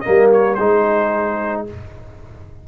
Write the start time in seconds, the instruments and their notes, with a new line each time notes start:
0.00 trombone A#3, horn A#4, trumpet D#5
0.08 tuba G3
0.33 trumpet C#5
0.54 tuba G#3, trombone D#4, horn G#4, trumpet C5